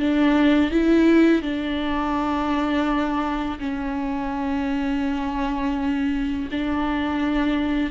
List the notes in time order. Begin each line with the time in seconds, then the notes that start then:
0.00 D4
0.71 E4
1.42 D4
3.60 C#4
6.52 D4